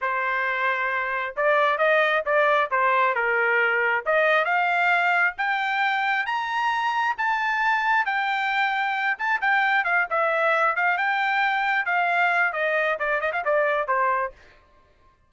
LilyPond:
\new Staff \with { instrumentName = "trumpet" } { \time 4/4 \tempo 4 = 134 c''2. d''4 | dis''4 d''4 c''4 ais'4~ | ais'4 dis''4 f''2 | g''2 ais''2 |
a''2 g''2~ | g''8 a''8 g''4 f''8 e''4. | f''8 g''2 f''4. | dis''4 d''8 dis''16 f''16 d''4 c''4 | }